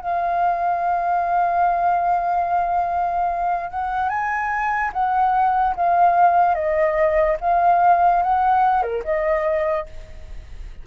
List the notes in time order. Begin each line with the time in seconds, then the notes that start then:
0.00 F5
3.70 F#5
4.08 G#5
4.92 F#5
5.75 F5
6.54 D#5
7.40 F5
8.22 F#5
8.82 A#4
9.04 D#5